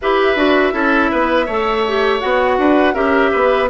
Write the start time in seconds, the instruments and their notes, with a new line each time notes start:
0.01 bassoon E4, clarinet G4, oboe B4, flute E5
0.35 bassoon D4, clarinet F#4
0.72 bassoon C#4, clarinet E4, oboe A4
1.11 bassoon B3, oboe B4
1.46 bassoon A3, clarinet A4, oboe C#5
1.88 clarinet G4
2.20 bassoon B3, clarinet F#4, flute F#5
2.58 bassoon D4, oboe B4
2.94 bassoon C#4, clarinet G4, oboe A#4, flute E5
3.32 bassoon B3, oboe B4